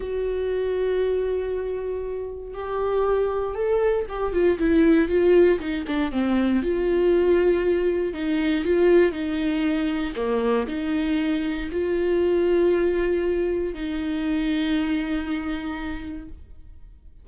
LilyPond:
\new Staff \with { instrumentName = "viola" } { \time 4/4 \tempo 4 = 118 fis'1~ | fis'4 g'2 a'4 | g'8 f'8 e'4 f'4 dis'8 d'8 | c'4 f'2. |
dis'4 f'4 dis'2 | ais4 dis'2 f'4~ | f'2. dis'4~ | dis'1 | }